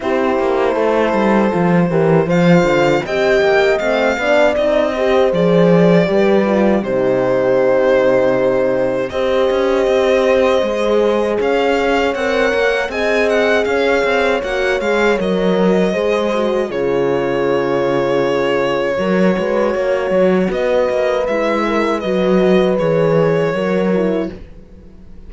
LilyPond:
<<
  \new Staff \with { instrumentName = "violin" } { \time 4/4 \tempo 4 = 79 c''2. f''4 | g''4 f''4 dis''4 d''4~ | d''4 c''2. | dis''2. f''4 |
fis''4 gis''8 fis''8 f''4 fis''8 f''8 | dis''2 cis''2~ | cis''2. dis''4 | e''4 dis''4 cis''2 | }
  \new Staff \with { instrumentName = "horn" } { \time 4/4 g'4 a'4. ais'8 c''4 | dis''4. d''4 c''4. | b'4 g'2. | c''2. cis''4~ |
cis''4 dis''4 cis''2~ | cis''4 c''4 gis'2~ | gis'4 ais'8 b'8 cis''4 b'4~ | b'8 ais'8 b'2 ais'4 | }
  \new Staff \with { instrumentName = "horn" } { \time 4/4 e'2 f'8 g'8 f'4 | g'4 c'8 d'8 dis'8 g'8 gis'4 | g'8 f'8 dis'2. | g'2 gis'2 |
ais'4 gis'2 fis'8 gis'8 | ais'4 gis'8 fis'8 f'2~ | f'4 fis'2. | e'4 fis'4 gis'4 fis'8 e'8 | }
  \new Staff \with { instrumentName = "cello" } { \time 4/4 c'8 ais8 a8 g8 f8 e8 f8 d8 | c'8 ais8 a8 b8 c'4 f4 | g4 c2. | c'8 cis'8 c'4 gis4 cis'4 |
c'8 ais8 c'4 cis'8 c'8 ais8 gis8 | fis4 gis4 cis2~ | cis4 fis8 gis8 ais8 fis8 b8 ais8 | gis4 fis4 e4 fis4 | }
>>